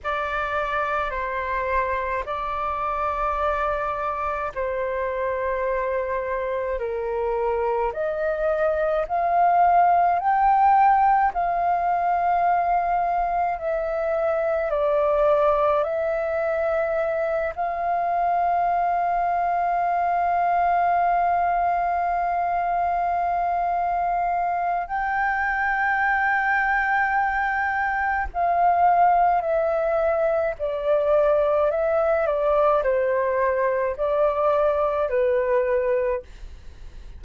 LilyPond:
\new Staff \with { instrumentName = "flute" } { \time 4/4 \tempo 4 = 53 d''4 c''4 d''2 | c''2 ais'4 dis''4 | f''4 g''4 f''2 | e''4 d''4 e''4. f''8~ |
f''1~ | f''2 g''2~ | g''4 f''4 e''4 d''4 | e''8 d''8 c''4 d''4 b'4 | }